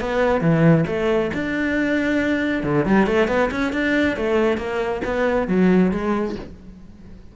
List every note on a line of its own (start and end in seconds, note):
0.00 0.41 B3
0.41 0.85 E3
0.87 1.31 A3
1.34 2.64 D4
2.64 2.85 D3
2.85 3.07 G3
3.07 3.28 A3
3.28 3.50 B3
3.51 3.73 C#4
3.73 4.16 D4
4.16 4.57 A3
4.57 5.01 A#3
5.04 5.48 B3
5.48 5.91 F#3
5.91 6.35 G#3